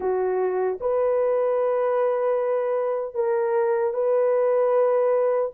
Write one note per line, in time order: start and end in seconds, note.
0.00 0.78 F#4
0.80 3.14 B4
3.14 3.93 A#4
3.93 5.51 B4